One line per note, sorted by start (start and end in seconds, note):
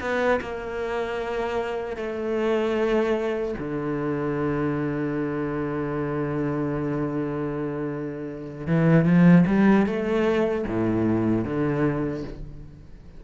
0.00 0.39 B3
0.41 1.96 A#3
1.96 3.54 A3
3.58 8.66 D3
8.66 9.05 E3
9.05 9.44 F3
9.47 9.86 G3
9.86 10.65 A3
10.67 11.44 A2
11.44 12.23 D3